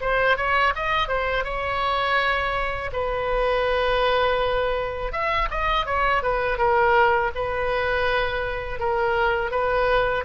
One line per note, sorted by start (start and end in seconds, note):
0.00 0.37 C5
0.37 0.73 C#5
0.75 1.08 D#5
1.08 1.44 C5
1.44 2.90 C#5
2.92 5.12 B4
5.12 5.48 E5
5.50 5.86 D#5
5.86 6.22 C#5
6.22 6.58 B4
6.58 7.31 A#4
7.35 8.79 B4
8.79 9.51 A#4
9.51 10.24 B4